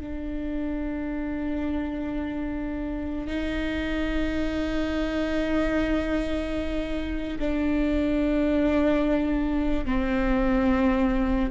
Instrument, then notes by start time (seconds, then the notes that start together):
viola
0.00 D4
3.27 D#4
7.39 D4
9.85 C4